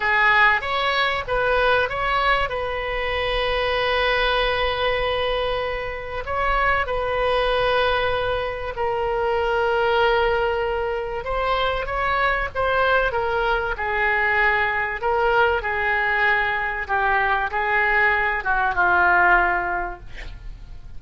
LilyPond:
\new Staff \with { instrumentName = "oboe" } { \time 4/4 \tempo 4 = 96 gis'4 cis''4 b'4 cis''4 | b'1~ | b'2 cis''4 b'4~ | b'2 ais'2~ |
ais'2 c''4 cis''4 | c''4 ais'4 gis'2 | ais'4 gis'2 g'4 | gis'4. fis'8 f'2 | }